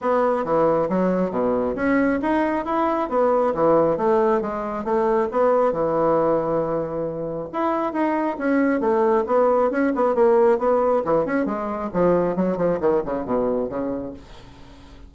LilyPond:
\new Staff \with { instrumentName = "bassoon" } { \time 4/4 \tempo 4 = 136 b4 e4 fis4 b,4 | cis'4 dis'4 e'4 b4 | e4 a4 gis4 a4 | b4 e2.~ |
e4 e'4 dis'4 cis'4 | a4 b4 cis'8 b8 ais4 | b4 e8 cis'8 gis4 f4 | fis8 f8 dis8 cis8 b,4 cis4 | }